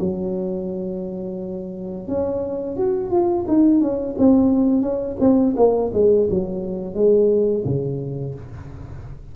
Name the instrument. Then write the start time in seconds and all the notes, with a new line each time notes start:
tuba
0.00 F#3
2.08 C#4
2.77 F#4
3.11 F4
3.48 D#4
3.81 C#4
4.18 C4
4.82 C#4
5.20 C4
5.57 A#3
5.94 G#3
6.30 F#3
6.95 G#3
7.65 C#3